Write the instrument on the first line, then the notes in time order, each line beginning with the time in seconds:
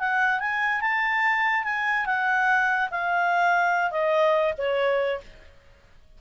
clarinet
0.00 F#5
0.40 G#5
0.81 A5
1.64 G#5
2.06 F#5
2.91 F5
3.91 D#5
4.58 C#5